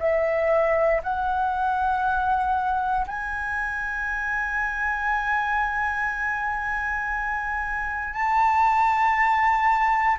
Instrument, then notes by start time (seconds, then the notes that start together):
flute
0.00 E5
1.04 F#5
3.07 G#5
8.14 A5